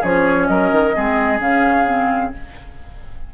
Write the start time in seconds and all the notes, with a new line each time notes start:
0.00 F3 C#4 G#4 C#5
0.47 F#3 A#4 D#5
0.71 D#3
0.93 G#3 C4 G#4
1.39 C#3 C#4 F5
1.85 C4